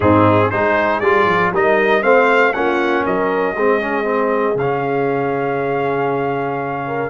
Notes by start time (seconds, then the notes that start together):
0.00 G#2 C4 D#4 G#4
0.50 G#3 D#4 G#4 C5
1.00 G3 F4 D5
1.25 F3
1.52 G3 D#4 A#4 D#5
2.02 A3 C4 C5 F5
2.53 A#3 C#4 F4 F#5
3.04 F#3 A#4 D#5
3.55 G#3 C4 G#4
3.81 C#4
4.03 C4
4.55 C#3 F5
4.61 C#4
6.86 A#4